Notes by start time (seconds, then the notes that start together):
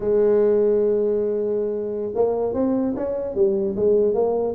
0.00 G#3
2.14 A#3
2.53 C4
2.96 C#4
3.34 G3
3.75 G#3
4.14 A#3